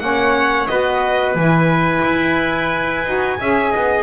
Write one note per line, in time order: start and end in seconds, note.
0.00 0.68 A#3
0.00 0.68 C#4
0.00 0.71 C#5
0.00 0.67 F#5
0.67 1.36 B3
0.67 1.36 F#4
0.67 3.41 B4
0.67 1.35 D#5
1.36 2.03 E3
1.36 3.05 E4
1.36 4.04 G#5
2.05 3.06 E4
3.05 3.40 D#4
3.05 3.39 F#4
3.41 3.74 C#4
3.41 4.04 G#4
3.41 3.72 E5
3.72 4.04 B3
3.72 4.04 D#5